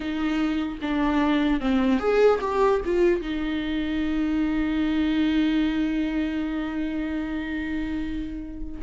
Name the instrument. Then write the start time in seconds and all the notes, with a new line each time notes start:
viola
0.00 D#4
0.81 D4
1.60 C4
1.99 G#4
2.40 G4
2.85 F4
3.21 D#4